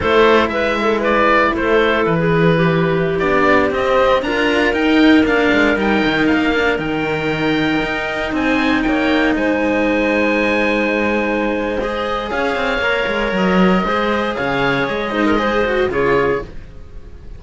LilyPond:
<<
  \new Staff \with { instrumentName = "oboe" } { \time 4/4 \tempo 4 = 117 c''4 e''4 d''4 c''4 | b'2~ b'16 d''4 dis''8.~ | dis''16 ais''4 g''4 f''4 g''8.~ | g''16 f''4 g''2~ g''8.~ |
g''16 gis''4 g''4 gis''4.~ gis''16~ | gis''2. dis''4 | f''2 dis''2 | f''4 dis''2 cis''4 | }
  \new Staff \with { instrumentName = "clarinet" } { \time 4/4 a'4 b'8 a'8 b'4 a'4~ | a'16 gis'8. g'2.~ | g'16 ais'2.~ ais'8.~ | ais'1~ |
ais'16 c''4 cis''4 c''4.~ c''16~ | c''1 | cis''2. c''4 | cis''4. c''16 ais'16 c''4 gis'4 | }
  \new Staff \with { instrumentName = "cello" } { \time 4/4 e'1~ | e'2~ e'16 d'4 c'8.~ | c'16 f'4 dis'4 d'4 dis'8.~ | dis'8. d'8 dis'2~ dis'8.~ |
dis'1~ | dis'2. gis'4~ | gis'4 ais'2 gis'4~ | gis'4. dis'8 gis'8 fis'8 f'4 | }
  \new Staff \with { instrumentName = "cello" } { \time 4/4 a4 gis2 a4 | e2~ e16 b4 c'8.~ | c'16 d'4 dis'4 ais8 gis8 g8 dis16~ | dis16 ais4 dis2 dis'8.~ |
dis'16 c'4 ais4 gis4.~ gis16~ | gis1 | cis'8 c'8 ais8 gis8 fis4 gis4 | cis4 gis2 cis4 | }
>>